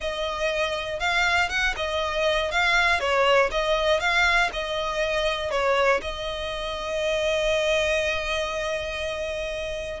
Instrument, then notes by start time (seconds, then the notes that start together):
violin
0.00 D#5
0.99 F5
1.49 F#5
1.76 D#5
2.51 F5
3.00 C#5
3.51 D#5
4.00 F5
4.52 D#5
5.50 C#5
6.01 D#5